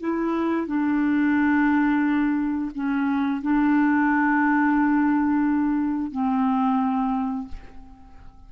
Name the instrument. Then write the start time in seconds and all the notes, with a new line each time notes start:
clarinet
0.00 E4
0.66 D4
2.75 C#4
3.42 D4
6.11 C4